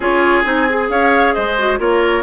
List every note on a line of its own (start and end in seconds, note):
0.00 0.43 C#4
0.00 0.44 F4
0.00 0.87 G#4
0.00 0.43 C#5
0.43 0.89 C4
0.43 0.67 D#4
0.43 0.87 G#5
0.69 1.58 G#4
0.89 1.34 C#4
0.89 1.34 C#5
0.89 1.33 F5
1.33 1.79 G#3
1.33 1.79 C5
1.33 1.78 D#5
1.58 1.78 F#4
1.78 2.23 A#3
1.78 2.23 F4
1.78 2.23 A#4
1.78 2.23 C#5